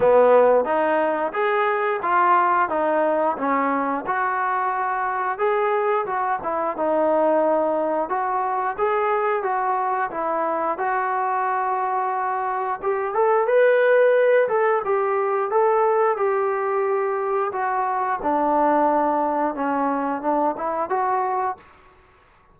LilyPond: \new Staff \with { instrumentName = "trombone" } { \time 4/4 \tempo 4 = 89 b4 dis'4 gis'4 f'4 | dis'4 cis'4 fis'2 | gis'4 fis'8 e'8 dis'2 | fis'4 gis'4 fis'4 e'4 |
fis'2. g'8 a'8 | b'4. a'8 g'4 a'4 | g'2 fis'4 d'4~ | d'4 cis'4 d'8 e'8 fis'4 | }